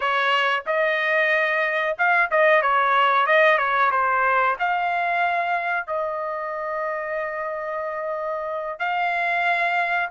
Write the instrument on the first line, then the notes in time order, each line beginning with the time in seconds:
trumpet
0.00 C#5
0.66 D#5
1.97 F5
2.30 D#5
2.61 C#5
3.26 D#5
3.58 C#5
3.91 C5
4.59 F5
5.87 D#5
8.79 F5